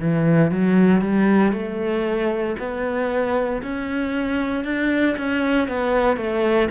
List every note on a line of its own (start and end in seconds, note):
0.00 0.51 E3
0.51 1.02 F#3
1.02 1.53 G3
1.53 2.56 A3
2.59 3.63 B3
3.63 4.65 C#4
4.65 5.16 D4
5.18 5.68 C#4
5.68 6.17 B3
6.17 6.69 A3